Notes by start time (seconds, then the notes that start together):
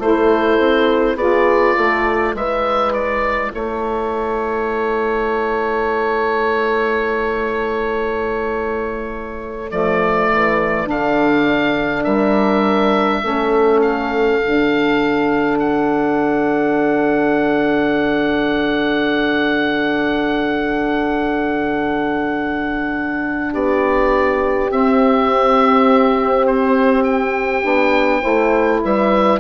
0.00 A3 E4 A4 C5
0.60 C4
1.16 B3 F4 G#4 D5
1.77 A3 A4
2.35 G#3 E4 B4 E5
2.93 D5
3.53 A3 A4 C#5
9.68 F3 A3 D5
10.32 E3
10.86 D3 D4 F5
12.04 G3 A#4 E5
13.23 A3 C#4 A4
13.82 F5
14.41 D3 D4
15.60 F#5
23.53 B3 G4 D5
24.70 C4 E5
26.47 C5
27.04 G5
27.63 B3 D4
28.22 A3 E4 C5
28.84 G3 B4 E5